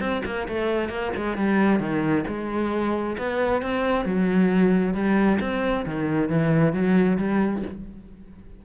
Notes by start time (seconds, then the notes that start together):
0.00 C4
0.25 A#3
0.48 A3
0.89 A#3
1.16 G#3
1.37 G3
1.80 D#3
2.28 G#3
3.18 B3
3.62 C4
4.06 F#3
4.94 G3
5.41 C4
5.86 D#3
6.30 E3
6.73 F#3
7.18 G3